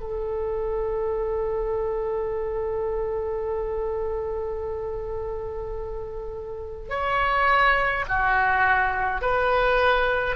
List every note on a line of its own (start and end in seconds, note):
0.00 6.90 A4
6.90 8.05 C#5
8.08 9.22 F#4
9.22 10.36 B4